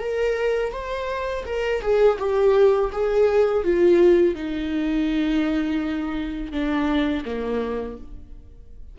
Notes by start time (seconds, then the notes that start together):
0.00 A#4
0.72 C5
1.46 A#4
1.82 G#4
2.19 G4
2.92 G#4
3.64 F4
4.35 D#4
6.52 D4
7.25 A#3